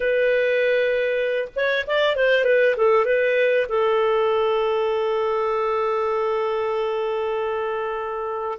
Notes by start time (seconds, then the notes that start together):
0.00 B4
1.55 C#5
1.86 D5
2.16 C5
2.44 B4
2.77 A4
3.05 B4
3.68 A4